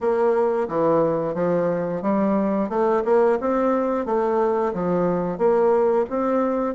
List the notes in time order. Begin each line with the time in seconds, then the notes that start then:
0.00 A#3
0.68 E3
1.34 F3
2.02 G3
2.69 A3
3.05 A#3
3.40 C4
4.05 A3
4.73 F3
5.37 A#3
6.09 C4